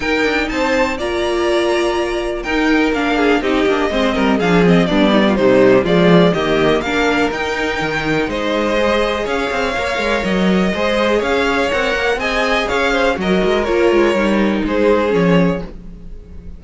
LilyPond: <<
  \new Staff \with { instrumentName = "violin" } { \time 4/4 \tempo 4 = 123 g''4 a''4 ais''2~ | ais''4 g''4 f''4 dis''4~ | dis''4 f''8 dis''8 d''4 c''4 | d''4 dis''4 f''4 g''4~ |
g''4 dis''2 f''4~ | f''4 dis''2 f''4 | fis''4 gis''4 f''4 dis''4 | cis''2 c''4 cis''4 | }
  \new Staff \with { instrumentName = "violin" } { \time 4/4 ais'4 c''4 d''2~ | d''4 ais'4. gis'8 g'4 | c''8 ais'8 gis'4 d'8 dis'16 f'16 dis'4 | f'4 g'4 ais'2~ |
ais'4 c''2 cis''4~ | cis''2 c''4 cis''4~ | cis''4 dis''4 cis''8 c''8 ais'4~ | ais'2 gis'2 | }
  \new Staff \with { instrumentName = "viola" } { \time 4/4 dis'2 f'2~ | f'4 dis'4 d'4 dis'8 d'8 | c'4 d'8 c'8 b4 g4 | gis4 ais4 d'4 dis'4~ |
dis'2 gis'2 | ais'2 gis'2 | ais'4 gis'2 fis'4 | f'4 dis'2 cis'4 | }
  \new Staff \with { instrumentName = "cello" } { \time 4/4 dis'8 d'8 c'4 ais2~ | ais4 dis'4 ais4 c'8 ais8 | gis8 g8 f4 g4 c4 | f4 dis4 ais4 dis'4 |
dis4 gis2 cis'8 c'8 | ais8 gis8 fis4 gis4 cis'4 | c'8 ais8 c'4 cis'4 fis8 gis8 | ais8 gis8 g4 gis4 f4 | }
>>